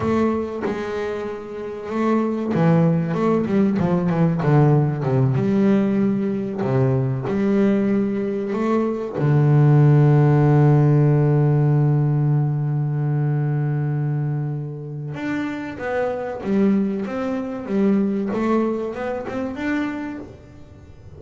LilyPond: \new Staff \with { instrumentName = "double bass" } { \time 4/4 \tempo 4 = 95 a4 gis2 a4 | e4 a8 g8 f8 e8 d4 | c8 g2 c4 g8~ | g4. a4 d4.~ |
d1~ | d1 | d'4 b4 g4 c'4 | g4 a4 b8 c'8 d'4 | }